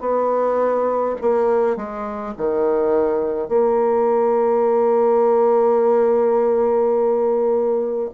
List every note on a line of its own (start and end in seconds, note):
0.00 1.15 B3
1.21 1.76 A#3
1.76 2.34 G#3
2.37 3.48 D#3
3.48 8.10 A#3